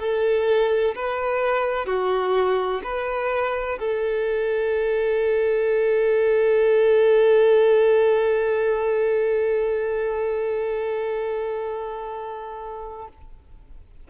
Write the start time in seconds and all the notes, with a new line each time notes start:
0.00 A4
0.96 B4
1.86 F#4
2.84 B4
3.80 A4